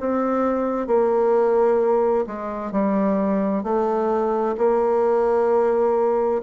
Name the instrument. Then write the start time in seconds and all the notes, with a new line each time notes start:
bassoon
0.00 C4
0.87 A#3
2.27 G#3
2.72 G3
3.63 A3
4.57 A#3